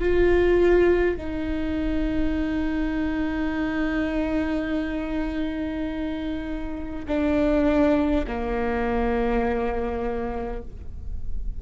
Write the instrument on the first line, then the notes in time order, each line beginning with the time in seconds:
viola
0.00 F4
1.17 D#4
7.08 D4
8.27 A#3